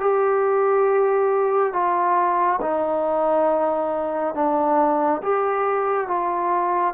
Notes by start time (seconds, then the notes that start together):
0.00 G4
1.73 F4
2.61 D#4
4.35 D4
5.23 G4
6.08 F4